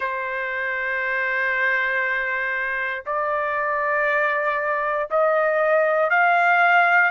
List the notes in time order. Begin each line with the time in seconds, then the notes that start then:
0.00 C5
3.06 D5
5.10 D#5
6.10 F5